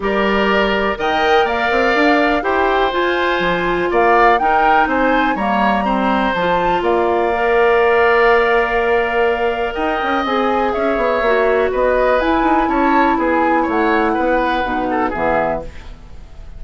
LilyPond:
<<
  \new Staff \with { instrumentName = "flute" } { \time 4/4 \tempo 4 = 123 d''2 g''4 f''4~ | f''4 g''4 gis''2 | f''4 g''4 gis''4 ais''4~ | ais''4 a''4 f''2~ |
f''1 | g''4 gis''4 e''2 | dis''4 gis''4 a''4 gis''4 | fis''2. e''4 | }
  \new Staff \with { instrumentName = "oboe" } { \time 4/4 ais'2 dis''4 d''4~ | d''4 c''2. | d''4 ais'4 c''4 cis''4 | c''2 d''2~ |
d''1 | dis''2 cis''2 | b'2 cis''4 gis'4 | cis''4 b'4. a'8 gis'4 | }
  \new Staff \with { instrumentName = "clarinet" } { \time 4/4 g'2 ais'2~ | ais'4 g'4 f'2~ | f'4 dis'2 ais4 | c'4 f'2 ais'4~ |
ais'1~ | ais'4 gis'2 fis'4~ | fis'4 e'2.~ | e'2 dis'4 b4 | }
  \new Staff \with { instrumentName = "bassoon" } { \time 4/4 g2 dis4 ais8 c'8 | d'4 e'4 f'4 f4 | ais4 dis'4 c'4 g4~ | g4 f4 ais2~ |
ais1 | dis'8 cis'8 c'4 cis'8 b8 ais4 | b4 e'8 dis'8 cis'4 b4 | a4 b4 b,4 e4 | }
>>